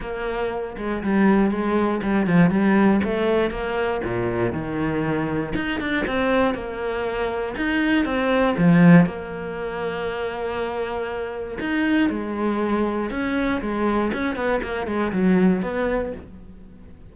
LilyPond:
\new Staff \with { instrumentName = "cello" } { \time 4/4 \tempo 4 = 119 ais4. gis8 g4 gis4 | g8 f8 g4 a4 ais4 | ais,4 dis2 dis'8 d'8 | c'4 ais2 dis'4 |
c'4 f4 ais2~ | ais2. dis'4 | gis2 cis'4 gis4 | cis'8 b8 ais8 gis8 fis4 b4 | }